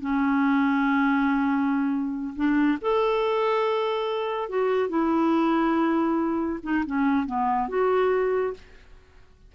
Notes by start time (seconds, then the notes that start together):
0.00 C#4
2.36 D4
2.81 A4
4.49 F#4
4.89 E4
6.63 D#4
6.86 C#4
7.26 B3
7.69 F#4